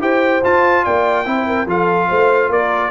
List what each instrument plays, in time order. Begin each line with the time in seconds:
0.00 tuba E4, trombone G4, horn C5, trumpet G5
0.44 tuba F4, trombone F4, trumpet A5
0.85 tuba A#3, horn D5, trumpet G5
1.26 tuba C4, trombone E4, horn C5
1.47 horn A#4
1.66 tuba F3, trombone F4, horn A4, trumpet F5
2.08 tuba A3, horn C5
2.50 tuba A#3, horn A#4, trumpet D5